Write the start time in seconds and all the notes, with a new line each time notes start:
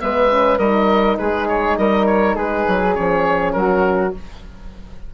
0.00 G#3 B3 B4 E5
0.30 C#4
0.58 G3 D#4 A#4 D#5
1.18 G#3 G#4 B4
1.48 C#5
1.77 G3 A#4 D#5
2.06 C#5
2.35 G#3 G#4 B4
2.67 F#3
2.93 F3 C#4 C#5
3.52 F#3 F#4 A#4